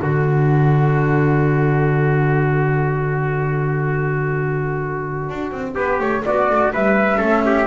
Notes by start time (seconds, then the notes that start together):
0.00 D3 D4 F#4 A4
5.30 D4
5.51 C4
5.75 B3 G4 B4
6.00 A3 C#5
6.25 B3 F#4 D5
6.50 A3
6.73 G3 B4 E5
7.18 A3 C#4 A4
7.46 G4